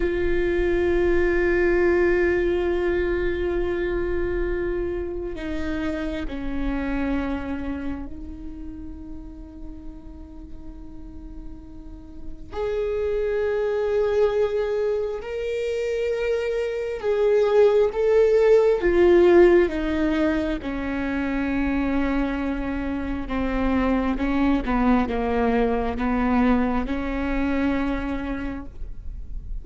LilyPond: \new Staff \with { instrumentName = "viola" } { \time 4/4 \tempo 4 = 67 f'1~ | f'2 dis'4 cis'4~ | cis'4 dis'2.~ | dis'2 gis'2~ |
gis'4 ais'2 gis'4 | a'4 f'4 dis'4 cis'4~ | cis'2 c'4 cis'8 b8 | ais4 b4 cis'2 | }